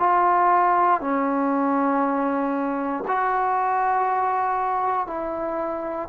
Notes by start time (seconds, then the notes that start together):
0.00 F4
1.01 C#4
3.08 F#4
5.08 E4